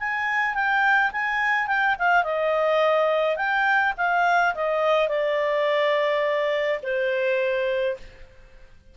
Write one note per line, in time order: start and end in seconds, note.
0.00 0.55 G#5
0.55 1.12 G5
1.12 1.68 G#5
1.68 1.96 G5
1.99 2.24 F5
2.24 3.37 D#5
3.37 3.94 G5
3.98 4.55 F5
4.55 5.09 D#5
5.09 6.80 D5
6.83 7.97 C5